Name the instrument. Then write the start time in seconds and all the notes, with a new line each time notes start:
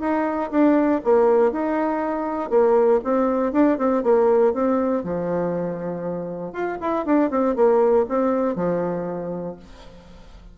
bassoon
0.00 D#4
0.51 D4
1.04 A#3
1.52 D#4
2.50 A#3
3.04 C4
3.52 D4
3.78 C4
4.03 A#3
4.54 C4
5.03 F3
6.53 F4
6.81 E4
7.05 D4
7.30 C4
7.55 A#3
8.09 C4
8.55 F3